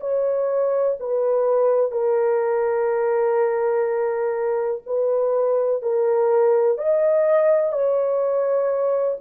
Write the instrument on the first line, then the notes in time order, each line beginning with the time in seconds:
horn
0.00 C#5
1.00 B4
1.91 A#4
4.86 B4
5.82 A#4
6.77 D#5
7.72 C#5